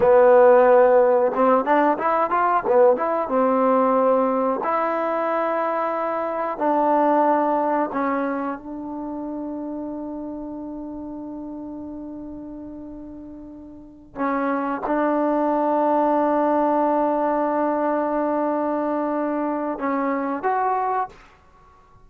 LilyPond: \new Staff \with { instrumentName = "trombone" } { \time 4/4 \tempo 4 = 91 b2 c'8 d'8 e'8 f'8 | b8 e'8 c'2 e'4~ | e'2 d'2 | cis'4 d'2.~ |
d'1~ | d'4. cis'4 d'4.~ | d'1~ | d'2 cis'4 fis'4 | }